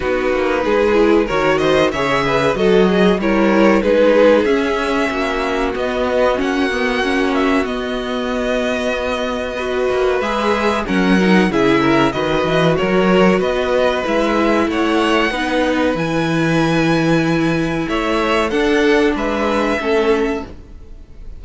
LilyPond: <<
  \new Staff \with { instrumentName = "violin" } { \time 4/4 \tempo 4 = 94 b'2 cis''8 dis''8 e''4 | dis''4 cis''4 b'4 e''4~ | e''4 dis''4 fis''4. e''8 | dis''1 |
e''4 fis''4 e''4 dis''4 | cis''4 dis''4 e''4 fis''4~ | fis''4 gis''2. | e''4 fis''4 e''2 | }
  \new Staff \with { instrumentName = "violin" } { \time 4/4 fis'4 gis'4 ais'8 c''8 cis''8 b'8 | a'8 gis'8 ais'4 gis'2 | fis'1~ | fis'2. b'4~ |
b'4 ais'4 gis'8 ais'8 b'4 | ais'4 b'2 cis''4 | b'1 | cis''4 a'4 b'4 a'4 | }
  \new Staff \with { instrumentName = "viola" } { \time 4/4 dis'4. e'8 fis'4 gis'4 | fis'4 e'4 dis'4 cis'4~ | cis'4 b4 cis'8 b8 cis'4 | b2. fis'4 |
gis'4 cis'8 dis'8 e'4 fis'4~ | fis'2 e'2 | dis'4 e'2.~ | e'4 d'2 cis'4 | }
  \new Staff \with { instrumentName = "cello" } { \time 4/4 b8 ais8 gis4 dis4 cis4 | fis4 g4 gis4 cis'4 | ais4 b4 ais2 | b2.~ b8 ais8 |
gis4 fis4 cis4 dis8 e8 | fis4 b4 gis4 a4 | b4 e2. | a4 d'4 gis4 a4 | }
>>